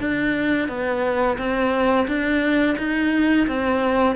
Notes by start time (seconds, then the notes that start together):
0.00 D4
0.68 B3
1.38 C4
2.08 D4
2.78 D#4
3.48 C4